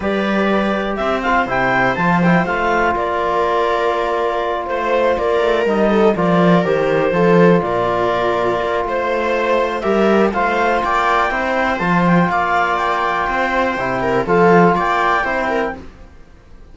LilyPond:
<<
  \new Staff \with { instrumentName = "clarinet" } { \time 4/4 \tempo 4 = 122 d''2 e''8 f''8 g''4 | a''8 g''8 f''4 d''2~ | d''4. c''4 d''4 dis''8~ | dis''8 d''4 c''2 d''8~ |
d''2 c''2 | e''4 f''4 g''2 | a''8 g''8 f''4 g''2~ | g''4 f''4 g''2 | }
  \new Staff \with { instrumentName = "viola" } { \time 4/4 b'2 c''2~ | c''2 ais'2~ | ais'4. c''4 ais'4. | a'8 ais'2 a'4 ais'8~ |
ais'2 c''2 | ais'4 c''4 d''4 c''4~ | c''4 d''2 c''4~ | c''8 ais'8 a'4 d''4 c''8 ais'8 | }
  \new Staff \with { instrumentName = "trombone" } { \time 4/4 g'2~ g'8 f'8 e'4 | f'8 e'8 f'2.~ | f'2.~ f'8 dis'8~ | dis'8 f'4 g'4 f'4.~ |
f'1 | g'4 f'2 e'4 | f'1 | e'4 f'2 e'4 | }
  \new Staff \with { instrumentName = "cello" } { \time 4/4 g2 c'4 c4 | f4 a4 ais2~ | ais4. a4 ais8 a8 g8~ | g8 f4 dis4 f4 ais,8~ |
ais,4. ais8 a2 | g4 a4 ais4 c'4 | f4 ais2 c'4 | c4 f4 ais4 c'4 | }
>>